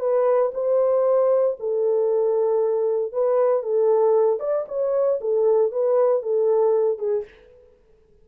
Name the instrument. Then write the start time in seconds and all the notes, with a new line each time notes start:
horn
0.00 B4
0.54 C5
1.60 A4
3.13 B4
3.63 A4
4.40 D5
4.68 C#5
5.21 A4
5.72 B4
6.23 A4
6.99 G#4